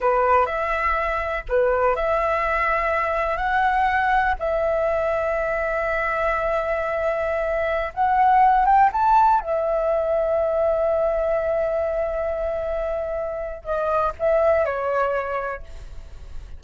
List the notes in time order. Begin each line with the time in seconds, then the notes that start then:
0.00 B4
0.45 E5
1.49 B4
1.95 E5
3.37 F#5
4.39 E5
7.94 F#5
8.65 G5
8.92 A5
9.40 E5
13.64 D#5
14.19 E5
14.65 C#5